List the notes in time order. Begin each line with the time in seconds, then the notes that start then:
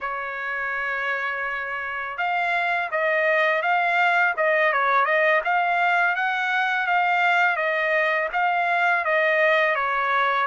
0.00 C#5
2.17 F5
2.91 D#5
3.62 F5
4.36 D#5
4.73 C#5
5.05 D#5
5.44 F5
6.15 F#5
6.86 F5
7.56 D#5
8.33 F5
9.04 D#5
9.75 C#5